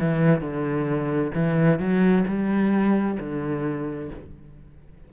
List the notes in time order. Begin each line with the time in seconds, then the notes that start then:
0.00 E3
0.41 D3
1.35 E3
1.79 F#3
2.28 G3
3.20 D3